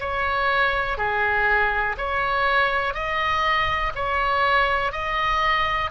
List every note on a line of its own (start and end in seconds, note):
0.00 0.97 C#5
0.97 1.95 G#4
1.97 2.94 C#5
2.94 3.92 D#5
3.95 4.92 C#5
4.92 5.90 D#5